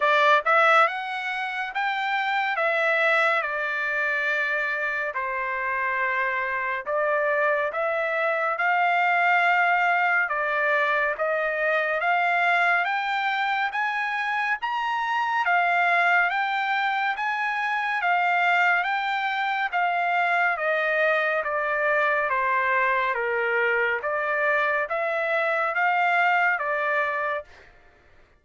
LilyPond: \new Staff \with { instrumentName = "trumpet" } { \time 4/4 \tempo 4 = 70 d''8 e''8 fis''4 g''4 e''4 | d''2 c''2 | d''4 e''4 f''2 | d''4 dis''4 f''4 g''4 |
gis''4 ais''4 f''4 g''4 | gis''4 f''4 g''4 f''4 | dis''4 d''4 c''4 ais'4 | d''4 e''4 f''4 d''4 | }